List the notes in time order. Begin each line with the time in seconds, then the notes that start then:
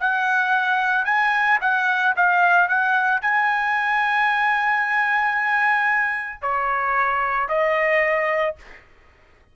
0.00 F#5
1.05 G#5
1.61 F#5
2.16 F5
2.68 F#5
3.21 G#5
6.42 C#5
7.49 D#5